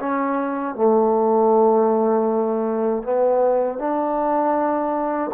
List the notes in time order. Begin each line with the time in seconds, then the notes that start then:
0.00 C#4
0.75 A3
3.03 B3
3.79 D4